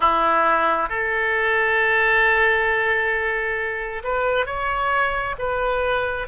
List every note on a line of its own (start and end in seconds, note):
0.00 0.89 E4
0.89 4.02 A4
4.03 4.45 B4
4.45 5.35 C#5
5.38 6.27 B4